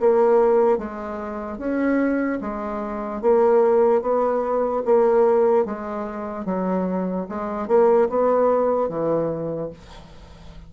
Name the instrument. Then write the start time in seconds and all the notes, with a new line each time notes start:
bassoon
0.00 A#3
0.78 G#3
1.58 C#4
2.41 G#3
3.22 A#3
4.02 B3
4.85 A#3
5.65 G#3
6.45 F#3
7.29 G#3
7.68 A#3
8.09 B3
8.89 E3